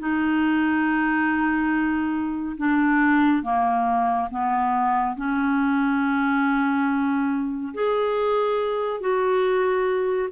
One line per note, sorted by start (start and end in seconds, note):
0.00 2.57 D#4
2.58 3.43 D4
3.43 4.29 A#3
4.31 5.17 B3
5.17 7.74 C#4
7.75 9.01 G#4
9.01 10.29 F#4